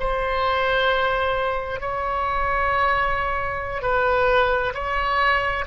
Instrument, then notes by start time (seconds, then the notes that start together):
oboe
0.00 C5
1.80 C#5
3.82 B4
4.74 C#5